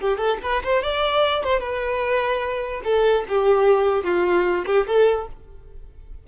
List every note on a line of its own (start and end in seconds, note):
0.00 0.18 G4
0.18 0.38 A4
0.43 0.63 B4
0.64 0.83 C5
0.83 1.44 D5
1.44 1.60 C5
1.60 2.82 B4
2.84 3.25 A4
3.28 4.04 G4
4.04 4.65 F4
4.66 4.86 G4
4.87 5.27 A4